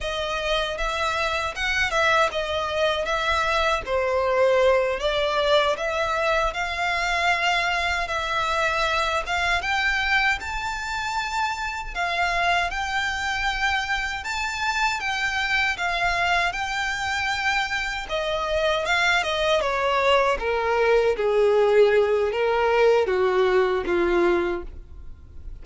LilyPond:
\new Staff \with { instrumentName = "violin" } { \time 4/4 \tempo 4 = 78 dis''4 e''4 fis''8 e''8 dis''4 | e''4 c''4. d''4 e''8~ | e''8 f''2 e''4. | f''8 g''4 a''2 f''8~ |
f''8 g''2 a''4 g''8~ | g''8 f''4 g''2 dis''8~ | dis''8 f''8 dis''8 cis''4 ais'4 gis'8~ | gis'4 ais'4 fis'4 f'4 | }